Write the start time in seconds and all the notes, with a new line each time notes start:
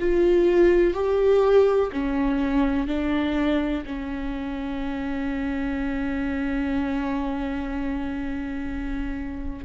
0.00 F4
0.94 G4
1.93 C#4
2.88 D4
3.86 C#4